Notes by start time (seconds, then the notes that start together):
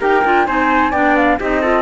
0.00 D#4 G4 A#4 G5
0.25 D4 F4
0.47 C4 D#4 C5 G#5
0.91 B3 D4 D5 G5
1.16 F5
1.40 C4 D#4 G4 D#5
1.62 F4 A4